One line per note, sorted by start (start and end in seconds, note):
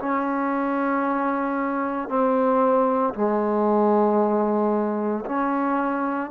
0.00 2.09 C#4
2.09 3.14 C4
3.14 5.25 G#3
5.26 6.31 C#4